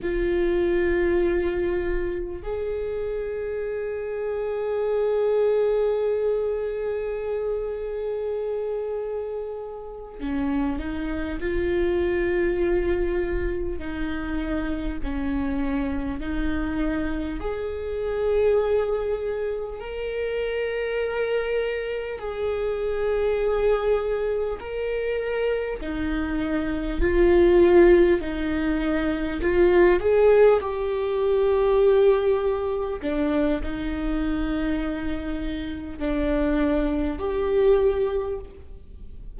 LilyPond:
\new Staff \with { instrumentName = "viola" } { \time 4/4 \tempo 4 = 50 f'2 gis'2~ | gis'1~ | gis'8 cis'8 dis'8 f'2 dis'8~ | dis'8 cis'4 dis'4 gis'4.~ |
gis'8 ais'2 gis'4.~ | gis'8 ais'4 dis'4 f'4 dis'8~ | dis'8 f'8 gis'8 g'2 d'8 | dis'2 d'4 g'4 | }